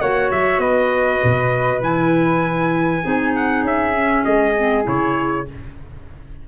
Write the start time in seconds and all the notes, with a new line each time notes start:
0.00 A#3 F#4 C#5 F#5
0.31 F#3 E5
0.58 B3 B4 D#5
1.23 B2
1.81 E3 E4 G#5
3.02 C4 D#4 G#4
3.35 F#5
3.62 C#4 E5
3.94 C#4
4.24 G#3 D#5
4.56 C4
4.84 C#3 E4 C#5